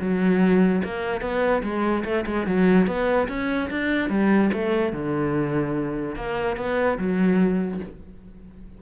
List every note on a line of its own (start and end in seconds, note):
0.00 0.82 F#3
0.84 1.21 A#3
1.21 1.62 B3
1.63 2.04 G#3
2.05 2.25 A3
2.26 2.47 G#3
2.47 2.87 F#3
2.87 3.28 B3
3.28 3.69 C#4
3.70 4.09 D4
4.09 4.51 G3
4.53 4.93 A3
4.93 6.16 D3
6.16 6.57 A#3
6.57 6.98 B3
6.98 7.80 F#3